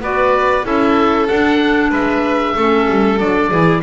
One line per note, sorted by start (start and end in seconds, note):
0.00 0.64 B3
0.00 0.63 F#4
0.00 0.65 B4
0.00 0.66 D5
0.63 1.29 C#4
0.63 1.27 E4
0.63 1.90 A4
0.63 1.27 E5
1.27 1.91 D4
1.27 2.57 D4
1.27 1.91 F#5
1.90 2.55 G#3
1.90 2.54 B4
1.90 3.19 E5
2.56 2.87 A3
2.56 3.19 C#4
2.56 3.49 A4
2.90 3.20 G3
3.19 3.51 F#3
3.19 3.51 D4
3.19 3.82 D5
3.49 3.82 E3
3.49 3.82 E4
3.49 3.81 G#4